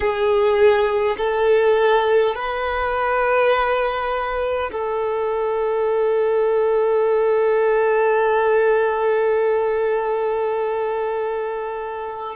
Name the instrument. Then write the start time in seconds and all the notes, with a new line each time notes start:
violin
0.00 G#4
1.17 A4
2.35 B4
4.72 A4